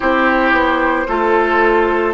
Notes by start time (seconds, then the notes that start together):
0.00 C4 E4 G4 C5
0.51 B3
1.08 A3 F4 A4